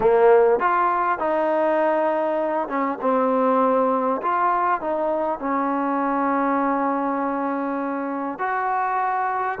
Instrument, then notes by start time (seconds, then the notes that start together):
trombone
0.00 A#3
0.59 F4
1.18 D#4
2.68 C#4
3.01 C4
4.21 F4
4.80 D#4
5.39 C#4
8.38 F#4